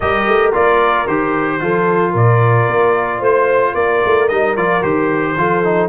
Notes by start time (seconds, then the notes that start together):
0.00 G3 G4 A#4 D#5
0.26 A3
0.52 A#3 F4 D5
1.07 D#3 G4 C5
1.60 F3 F4 A4
2.11 A#2 A#4 D5
2.67 A#3
3.18 A3 C5
3.74 A#3 A#4 D5
4.05 A3
4.28 G3 D#4 D#5
4.56 F3 F4 D5
4.81 D#3 G4 C5
5.37 F3 F4 A4
5.64 D#4